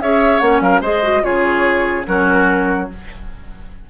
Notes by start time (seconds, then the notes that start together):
0.00 C#4 G#4 C#5 E5
0.40 A#3 C#4 F#5
0.61 F#3 A#4 F5
0.81 G#3 G#4 C5 D#5
1.03 F#4
1.22 C#3 F4 G#4 C#5
2.07 F#3 C#4 F#4 A#4